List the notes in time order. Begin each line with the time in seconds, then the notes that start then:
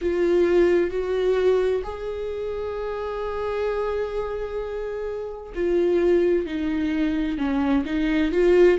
0.01 F4
0.90 F#4
1.83 G#4
5.54 F4
6.46 D#4
7.38 C#4
7.85 D#4
8.31 F4